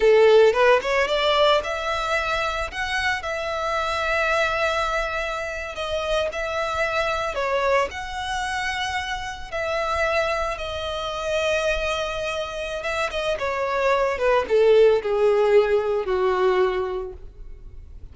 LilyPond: \new Staff \with { instrumentName = "violin" } { \time 4/4 \tempo 4 = 112 a'4 b'8 cis''8 d''4 e''4~ | e''4 fis''4 e''2~ | e''2~ e''8. dis''4 e''16~ | e''4.~ e''16 cis''4 fis''4~ fis''16~ |
fis''4.~ fis''16 e''2 dis''16~ | dis''1 | e''8 dis''8 cis''4. b'8 a'4 | gis'2 fis'2 | }